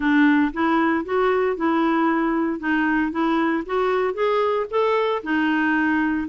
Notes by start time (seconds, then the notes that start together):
0.00 D4
0.53 E4
1.04 F#4
1.56 E4
2.59 D#4
3.11 E4
3.65 F#4
4.14 G#4
4.70 A4
5.23 D#4